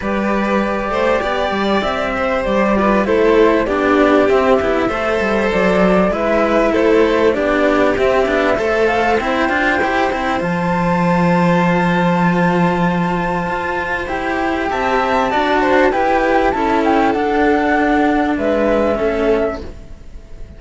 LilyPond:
<<
  \new Staff \with { instrumentName = "flute" } { \time 4/4 \tempo 4 = 98 d''2. e''4 | d''4 c''4 d''4 e''4~ | e''4 d''4 e''4 c''4 | d''4 e''4. f''8 g''4~ |
g''4 a''2.~ | a''2. g''4 | a''2 g''4 a''8 g''8 | fis''2 e''2 | }
  \new Staff \with { instrumentName = "violin" } { \time 4/4 b'4. c''8 d''4. c''8~ | c''8 b'8 a'4 g'2 | c''2 b'4 a'4 | g'2 c''2~ |
c''1~ | c''1 | e''4 d''8 c''8 b'4 a'4~ | a'2 b'4 a'4 | }
  \new Staff \with { instrumentName = "cello" } { \time 4/4 g'1~ | g'8 f'8 e'4 d'4 c'8 e'8 | a'2 e'2 | d'4 c'8 d'8 a'4 e'8 f'8 |
g'8 e'8 f'2.~ | f'2. g'4~ | g'4 fis'4 g'4 e'4 | d'2. cis'4 | }
  \new Staff \with { instrumentName = "cello" } { \time 4/4 g4. a8 b8 g8 c'4 | g4 a4 b4 c'8 b8 | a8 g8 fis4 gis4 a4 | b4 c'8 b8 a4 c'8 d'8 |
e'8 c'8 f2.~ | f2 f'4 e'4 | c'4 d'4 e'4 cis'4 | d'2 gis4 a4 | }
>>